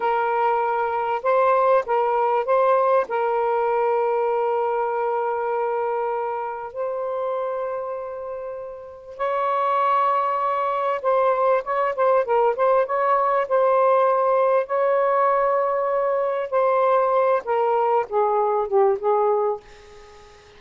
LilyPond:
\new Staff \with { instrumentName = "saxophone" } { \time 4/4 \tempo 4 = 98 ais'2 c''4 ais'4 | c''4 ais'2.~ | ais'2. c''4~ | c''2. cis''4~ |
cis''2 c''4 cis''8 c''8 | ais'8 c''8 cis''4 c''2 | cis''2. c''4~ | c''8 ais'4 gis'4 g'8 gis'4 | }